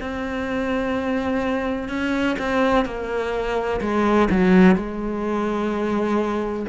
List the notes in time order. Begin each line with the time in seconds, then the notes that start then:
0.00 C4
1.89 C#4
2.39 C4
2.85 A#3
3.81 G#3
4.31 F#3
4.76 G#3